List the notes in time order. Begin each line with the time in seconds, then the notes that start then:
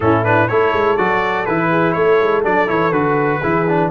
0.00 A2 C#4 E4 A4
0.24 D4 B4
0.48 A3 E4 A4 C#5
0.73 G#3
0.97 F#3 F#4 D5
1.45 E3 E4 B4
1.70 G#4
1.92 A3 A4 C#5
2.20 G#3
2.43 F#3 D4 D5
2.67 E3 E4 C#5
2.91 D3 F#4 B4
3.40 E3 E4 G#4
3.68 D4